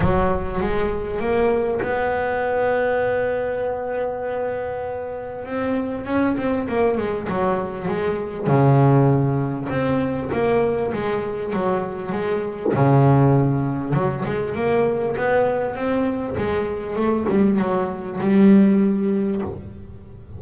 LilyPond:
\new Staff \with { instrumentName = "double bass" } { \time 4/4 \tempo 4 = 99 fis4 gis4 ais4 b4~ | b1~ | b4 c'4 cis'8 c'8 ais8 gis8 | fis4 gis4 cis2 |
c'4 ais4 gis4 fis4 | gis4 cis2 fis8 gis8 | ais4 b4 c'4 gis4 | a8 g8 fis4 g2 | }